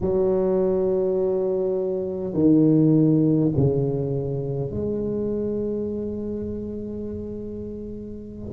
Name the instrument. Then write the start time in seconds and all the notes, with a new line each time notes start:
tuba
0.00 F#3
2.33 D#3
3.56 C#3
4.71 G#3